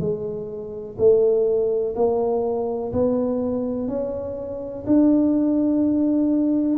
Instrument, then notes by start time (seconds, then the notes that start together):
tuba
0.00 G#3
0.98 A3
1.95 A#3
2.93 B3
3.88 C#4
4.87 D4